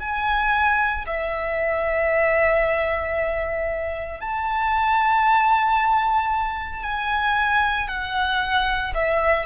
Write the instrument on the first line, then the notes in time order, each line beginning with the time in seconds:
violin
0.00 G#5
1.07 E5
4.21 A5
6.83 G#5
7.88 F#5
8.95 E5